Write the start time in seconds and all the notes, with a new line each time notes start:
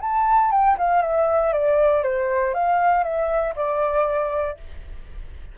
0.00 A5
0.51 G5
0.78 F5
1.02 E5
1.52 D5
2.03 C5
2.54 F5
3.03 E5
3.55 D5